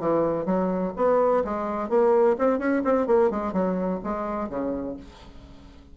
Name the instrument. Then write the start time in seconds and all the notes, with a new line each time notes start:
bassoon
0.00 E3
0.46 F#3
0.97 B3
1.45 G#3
1.90 A#3
2.39 C4
2.59 C#4
2.85 C4
3.07 A#3
3.31 G#3
3.53 F#3
4.04 G#3
4.49 C#3